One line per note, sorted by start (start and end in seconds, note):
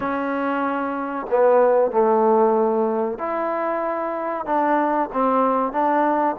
0.00 1.26 C#4
1.30 1.91 B3
1.91 3.18 A3
3.18 4.45 E4
4.45 5.09 D4
5.12 5.72 C4
5.72 6.36 D4